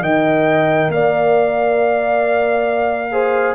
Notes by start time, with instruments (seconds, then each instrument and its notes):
0.00 tuba D#3, trombone A#4, horn D#5, trumpet G5
0.89 tuba A#3, horn D5, trumpet F5
3.11 trombone G#4, horn C5